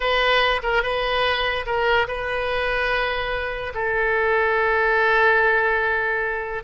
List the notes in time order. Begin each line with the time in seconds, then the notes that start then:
0.00 B4
0.62 A#4
0.82 B4
1.66 A#4
2.07 B4
3.74 A4